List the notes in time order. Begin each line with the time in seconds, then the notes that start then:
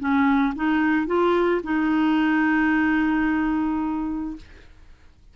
0.00 C#4
0.56 D#4
1.07 F4
1.64 D#4